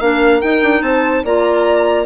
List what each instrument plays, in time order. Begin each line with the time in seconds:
0.00 bassoon A#3, clarinet D4, horn A#4, violin F5
0.41 clarinet D#4, bassoon D#4, violin G5
0.63 bassoon D4
0.82 bassoon C4, horn C5, violin A5
1.25 bassoon A#3, clarinet F4, horn D5, violin A#5